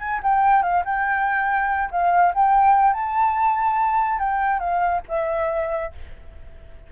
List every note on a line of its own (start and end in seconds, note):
0.00 0.21 G#5
0.23 0.63 G5
0.63 0.84 F5
0.85 1.90 G5
1.91 2.33 F5
2.35 2.94 G5
2.94 4.20 A5
4.20 4.60 G5
4.60 5.02 F5
5.09 5.93 E5